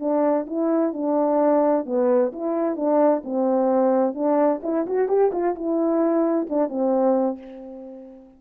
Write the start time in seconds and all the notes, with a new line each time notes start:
0.00 D4
0.47 E4
0.94 D4
1.86 B3
2.33 E4
2.77 D4
3.24 C4
4.15 D4
4.63 E4
4.87 F#4
5.09 G4
5.32 F4
5.56 E4
6.50 D4
6.69 C4